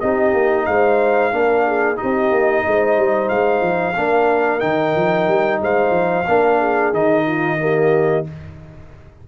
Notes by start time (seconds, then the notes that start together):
0.00 C4 D#4 G4 D#5
0.33 A#3
0.65 G#3 C5 F5
1.31 A#3 D4 A#4
1.66 G#4
1.95 D#4 G4 D#5
2.03 C4
2.31 A#3
2.66 G#3 C5
2.97 G3
3.28 G#3 F5
3.61 F3
3.96 A#3 D4 A#4
4.59 D#3 D#4 G5
4.95 F3
5.27 G3
5.61 G#3 C5 F5
5.90 F3
6.28 A#3 D4 A#4
6.58 G#4
6.93 D#3 D#4 D#5
7.26 F4
7.58 A#3 G4